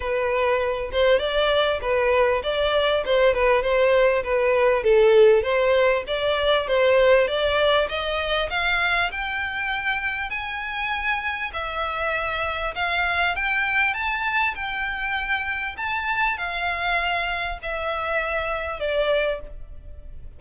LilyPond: \new Staff \with { instrumentName = "violin" } { \time 4/4 \tempo 4 = 99 b'4. c''8 d''4 b'4 | d''4 c''8 b'8 c''4 b'4 | a'4 c''4 d''4 c''4 | d''4 dis''4 f''4 g''4~ |
g''4 gis''2 e''4~ | e''4 f''4 g''4 a''4 | g''2 a''4 f''4~ | f''4 e''2 d''4 | }